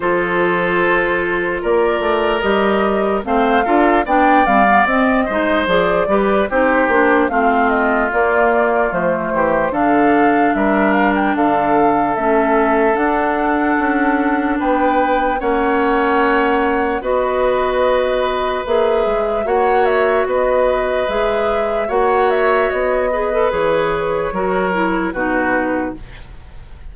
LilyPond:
<<
  \new Staff \with { instrumentName = "flute" } { \time 4/4 \tempo 4 = 74 c''2 d''4 dis''4 | f''4 g''8 f''8 dis''4 d''4 | c''4 f''8 dis''8 d''4 c''4 | f''4 e''8 f''16 g''16 f''4 e''4 |
fis''2 g''4 fis''4~ | fis''4 dis''2 e''4 | fis''8 e''8 dis''4 e''4 fis''8 e''8 | dis''4 cis''2 b'4 | }
  \new Staff \with { instrumentName = "oboe" } { \time 4/4 a'2 ais'2 | c''8 a'8 d''4. c''4 b'8 | g'4 f'2~ f'8 g'8 | a'4 ais'4 a'2~ |
a'2 b'4 cis''4~ | cis''4 b'2. | cis''4 b'2 cis''4~ | cis''8 b'4. ais'4 fis'4 | }
  \new Staff \with { instrumentName = "clarinet" } { \time 4/4 f'2. g'4 | c'8 f'8 d'8 c'16 b16 c'8 dis'8 gis'8 g'8 | dis'8 d'8 c'4 ais4 a4 | d'2. cis'4 |
d'2. cis'4~ | cis'4 fis'2 gis'4 | fis'2 gis'4 fis'4~ | fis'8 gis'16 a'16 gis'4 fis'8 e'8 dis'4 | }
  \new Staff \with { instrumentName = "bassoon" } { \time 4/4 f2 ais8 a8 g4 | a8 d'8 b8 g8 c'8 gis8 f8 g8 | c'8 ais8 a4 ais4 f8 e8 | d4 g4 d4 a4 |
d'4 cis'4 b4 ais4~ | ais4 b2 ais8 gis8 | ais4 b4 gis4 ais4 | b4 e4 fis4 b,4 | }
>>